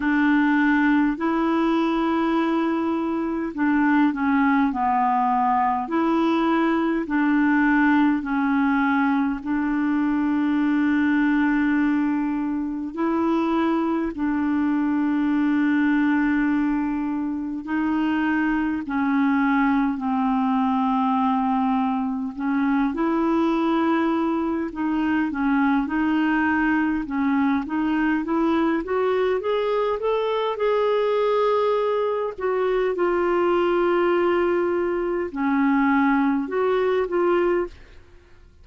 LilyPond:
\new Staff \with { instrumentName = "clarinet" } { \time 4/4 \tempo 4 = 51 d'4 e'2 d'8 cis'8 | b4 e'4 d'4 cis'4 | d'2. e'4 | d'2. dis'4 |
cis'4 c'2 cis'8 e'8~ | e'4 dis'8 cis'8 dis'4 cis'8 dis'8 | e'8 fis'8 gis'8 a'8 gis'4. fis'8 | f'2 cis'4 fis'8 f'8 | }